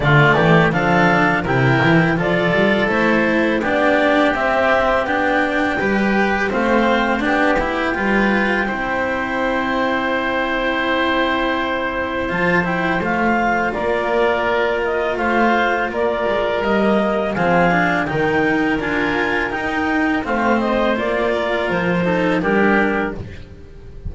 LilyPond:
<<
  \new Staff \with { instrumentName = "clarinet" } { \time 4/4 \tempo 4 = 83 d''4 f''4 g''4 d''4 | c''4 d''4 e''4 g''4~ | g''4 f''4 g''2~ | g''1~ |
g''4 a''8 g''8 f''4 d''4~ | d''8 dis''8 f''4 d''4 dis''4 | f''4 g''4 gis''4 g''4 | f''8 dis''8 d''4 c''4 ais'4 | }
  \new Staff \with { instrumentName = "oboe" } { \time 4/4 f'8 g'8 a'4 ais'4 a'4~ | a'4 g'2. | b'4 c''4 g'4 b'4 | c''1~ |
c''2. ais'4~ | ais'4 c''4 ais'2 | gis'4 ais'2. | c''4. ais'4 a'8 g'4 | }
  \new Staff \with { instrumentName = "cello" } { \time 4/4 a4 d'4 e'4 f'4 | e'4 d'4 c'4 d'4 | g'4 c'4 d'8 e'8 f'4 | e'1~ |
e'4 f'8 e'8 f'2~ | f'2. ais4 | c'8 d'8 dis'4 f'4 dis'4 | c'4 f'4. dis'8 d'4 | }
  \new Staff \with { instrumentName = "double bass" } { \time 4/4 d8 e8 f4 c8 e8 f8 g8 | a4 b4 c'4 b4 | g4 a4 b4 g4 | c'1~ |
c'4 f4 a4 ais4~ | ais4 a4 ais8 gis8 g4 | f4 dis4 d'4 dis'4 | a4 ais4 f4 g4 | }
>>